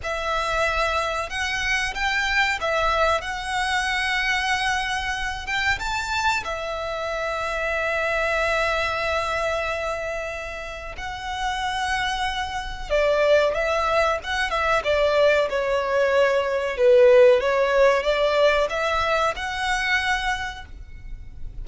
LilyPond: \new Staff \with { instrumentName = "violin" } { \time 4/4 \tempo 4 = 93 e''2 fis''4 g''4 | e''4 fis''2.~ | fis''8 g''8 a''4 e''2~ | e''1~ |
e''4 fis''2. | d''4 e''4 fis''8 e''8 d''4 | cis''2 b'4 cis''4 | d''4 e''4 fis''2 | }